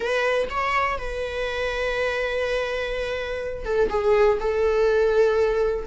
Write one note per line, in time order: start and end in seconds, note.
0.00 0.48 B4
0.50 0.98 C#5
0.98 3.65 B4
3.65 3.89 A4
3.89 4.38 G#4
4.40 5.86 A4